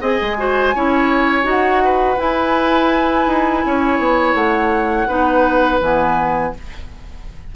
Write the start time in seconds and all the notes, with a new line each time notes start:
0.00 C4 G#4 D#5 G#5
0.21 G#3
0.37 F#4 C5
0.74 C#4 E4 C#5
1.43 D#4 F#4 F#5
1.84 B4
2.17 E4 G#5
3.26 D#4
3.65 C#4 C#5
3.98 B3
4.34 A3 F#5
5.07 B3 D#4 B4
5.80 E3 B3 G#5